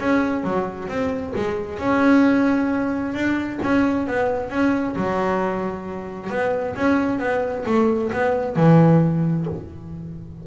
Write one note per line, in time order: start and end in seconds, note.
0.00 0.44 C#4
0.44 0.89 F#3
0.89 1.34 C4
1.36 1.79 G#3
1.79 3.15 C#4
3.15 3.60 D4
3.63 4.08 C#4
4.08 4.50 B3
4.50 4.95 C#4
4.96 6.30 F#3
6.30 6.75 B3
6.76 7.20 C#4
7.20 7.65 B3
7.66 8.11 A3
8.13 8.56 B3
8.56 9.47 E3